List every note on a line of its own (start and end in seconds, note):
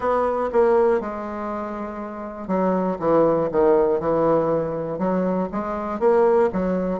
0.00 0.50 B3
0.52 1.00 A#3
1.00 2.47 G#3
2.47 2.97 F#3
2.99 3.49 E3
3.51 4.00 D#3
4.00 4.98 E3
4.98 5.48 F#3
5.52 6.00 G#3
6.00 6.50 A#3
6.52 6.99 F#3